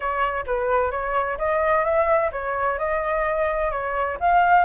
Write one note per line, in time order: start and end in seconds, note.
0.00 0.45 C#5
0.46 0.91 B4
0.91 1.37 C#5
1.38 1.84 D#5
1.84 2.30 E5
2.32 2.78 C#5
2.78 3.71 D#5
3.71 4.17 C#5
4.19 4.64 F5